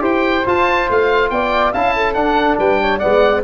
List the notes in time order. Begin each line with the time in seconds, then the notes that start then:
0.00 E4 G4 C5 G5
0.46 F4 A5
0.90 A3 F5
1.30 B3 D5 G5
1.72 C#4 E4 F5 A5
1.96 A4
2.14 D4 F#5
2.58 G3 B4 G5
2.82 C#5
2.98 B3 D5 F#5
3.04 G#3